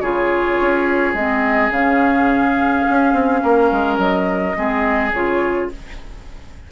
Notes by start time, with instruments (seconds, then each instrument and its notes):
0.00 bassoon C#3, clarinet F4, oboe G#4, flute C#5
0.61 bassoon C#4
1.13 bassoon G#3, clarinet C4, flute D#5
1.70 bassoon C#3, clarinet C#4, flute F5
2.89 bassoon C#4
3.13 bassoon C4
3.43 bassoon A#3, oboe A#4
3.71 bassoon G#3
3.98 bassoon F#3, flute D#5
4.55 bassoon G#3, clarinet C4, oboe G#4
5.12 bassoon C#3, clarinet F4, flute C#5